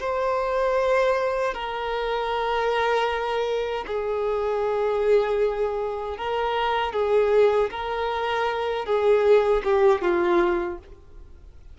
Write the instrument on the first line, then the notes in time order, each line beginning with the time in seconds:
violin
0.00 C5
1.54 A#4
3.87 G#4
6.18 A#4
6.93 G#4
7.71 A#4
8.86 G#4
9.64 G4
10.01 F4